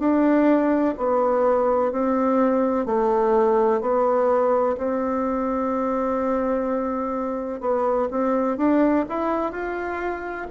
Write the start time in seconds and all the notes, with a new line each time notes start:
0.00 D4
0.98 B3
1.92 C4
2.86 A3
3.81 B3
4.78 C4
7.61 B3
8.11 C4
8.58 D4
9.09 E4
9.52 F4